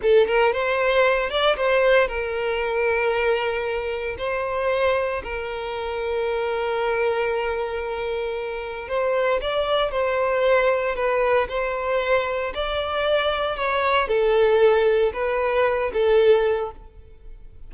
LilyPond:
\new Staff \with { instrumentName = "violin" } { \time 4/4 \tempo 4 = 115 a'8 ais'8 c''4. d''8 c''4 | ais'1 | c''2 ais'2~ | ais'1~ |
ais'4 c''4 d''4 c''4~ | c''4 b'4 c''2 | d''2 cis''4 a'4~ | a'4 b'4. a'4. | }